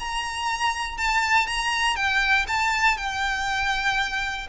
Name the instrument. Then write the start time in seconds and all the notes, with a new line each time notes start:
violin
0.00 A#5
0.98 A5
1.47 A#5
1.96 G5
2.48 A5
2.97 G5